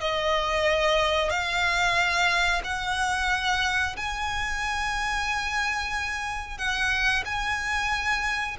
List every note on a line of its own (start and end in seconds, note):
0.00 1.30 D#5
1.30 2.62 F5
2.64 3.96 F#5
3.96 6.58 G#5
6.58 7.23 F#5
7.25 8.57 G#5